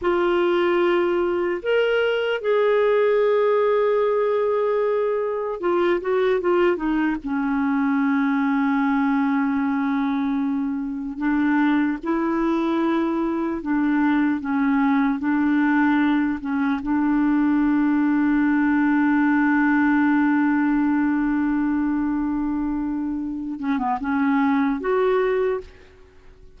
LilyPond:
\new Staff \with { instrumentName = "clarinet" } { \time 4/4 \tempo 4 = 75 f'2 ais'4 gis'4~ | gis'2. f'8 fis'8 | f'8 dis'8 cis'2.~ | cis'2 d'4 e'4~ |
e'4 d'4 cis'4 d'4~ | d'8 cis'8 d'2.~ | d'1~ | d'4. cis'16 b16 cis'4 fis'4 | }